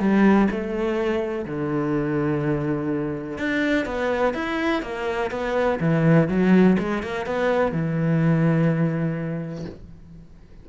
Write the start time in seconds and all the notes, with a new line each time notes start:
0.00 G3
0.51 A3
1.46 D3
3.38 D4
3.86 B3
4.34 E4
4.83 A#3
5.32 B3
5.80 E3
6.29 F#3
6.79 G#3
7.03 A#3
7.26 B3
7.72 E3